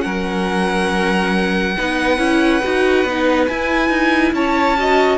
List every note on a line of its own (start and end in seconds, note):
0.00 1.77 F#3
0.00 1.74 C#4
0.00 1.75 A#4
0.00 3.43 F#5
1.76 2.18 B3
1.76 2.17 D#4
1.76 4.34 B4
2.17 2.61 C#4
2.17 2.60 E4
2.63 3.04 D#4
2.63 3.06 F#4
3.04 3.47 B3
3.04 3.48 D#4
3.47 4.77 E4
3.47 3.89 E4
3.47 4.33 G#5
3.89 4.32 D#4
4.32 5.17 C#4
4.32 4.78 C#5
4.32 5.17 A5
4.78 5.17 F#4
4.78 5.17 D#5